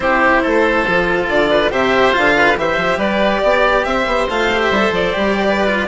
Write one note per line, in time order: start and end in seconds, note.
0.00 0.40 C4
0.00 0.84 E4
0.00 0.42 G4
0.00 1.26 C5
0.42 0.86 A3
0.42 1.49 A4
0.86 1.27 F3
0.86 1.71 F4
1.27 1.70 D3
1.27 1.72 D5
1.50 1.71 B4
1.71 2.14 C3
1.71 2.12 G4
1.71 2.35 C5
1.71 2.14 E5
2.12 2.56 D3
2.12 2.55 F4
2.12 2.57 F5
2.36 2.57 B4
2.56 2.77 E3
2.56 4.28 G4
2.56 2.98 C5
2.56 2.99 E5
2.77 2.97 F3
2.97 3.39 G3
2.97 3.41 B4
2.97 3.84 D5
3.43 3.85 B3
3.43 3.86 D5
3.84 4.06 C4
3.84 5.48 C5
3.84 4.27 E5
4.06 4.27 B3
4.28 4.70 A3
4.28 4.51 F4
4.28 4.61 F5
4.52 4.73 G4
4.61 4.93 E5
4.70 4.90 G3
4.70 5.13 A4
4.90 5.12 F3
4.90 5.87 D5
5.13 5.87 G3
5.13 5.67 G4
5.48 5.87 B4
5.67 5.87 F4